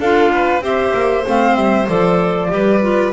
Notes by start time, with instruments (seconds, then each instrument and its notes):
0.00 double bass D4, clarinet F4, violin A4, flute F5
0.32 violin B4
0.61 double bass C4, clarinet G4, violin C5, flute E5
0.94 double bass A#3
1.26 double bass A3, clarinet C4, flute F5
1.56 double bass G3, flute E5
1.88 double bass F3, clarinet A4, flute D5
2.49 double bass G3, clarinet G4, violin B4
2.82 clarinet F4